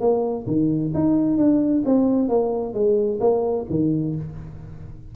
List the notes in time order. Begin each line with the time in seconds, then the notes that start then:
0.00 A#3
0.47 D#3
0.94 D#4
1.37 D4
1.85 C4
2.29 A#3
2.74 G#3
3.20 A#3
3.70 D#3